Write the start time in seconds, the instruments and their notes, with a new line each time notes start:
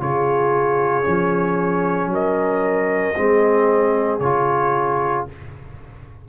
0.00 tuba C#3, trombone F4, horn G#4, trumpet C#5
1.04 tuba F3, trombone C#4
2.07 tuba F#3, horn A#4
2.14 trumpet D#5
3.15 tuba G#3, trombone C4, horn G#4
4.20 tuba C#3, trombone F4, trumpet C#5